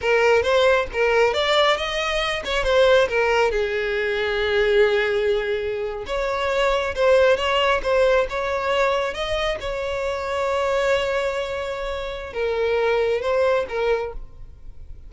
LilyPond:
\new Staff \with { instrumentName = "violin" } { \time 4/4 \tempo 4 = 136 ais'4 c''4 ais'4 d''4 | dis''4. cis''8 c''4 ais'4 | gis'1~ | gis'4.~ gis'16 cis''2 c''16~ |
c''8. cis''4 c''4 cis''4~ cis''16~ | cis''8. dis''4 cis''2~ cis''16~ | cis''1 | ais'2 c''4 ais'4 | }